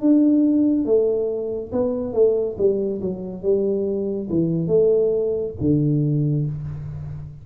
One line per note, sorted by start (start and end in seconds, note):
0.00 0.85 D4
0.85 1.71 A3
1.72 2.13 B3
2.13 2.56 A3
2.58 3.00 G3
3.01 3.42 F#3
3.42 4.28 G3
4.29 4.67 E3
4.67 5.53 A3
5.60 6.46 D3